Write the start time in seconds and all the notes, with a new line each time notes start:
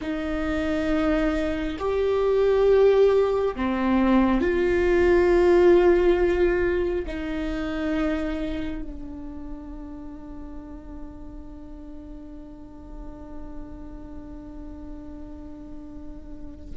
0.01 D#4
1.78 G4
3.55 C4
4.41 F4
7.06 D#4
8.82 D4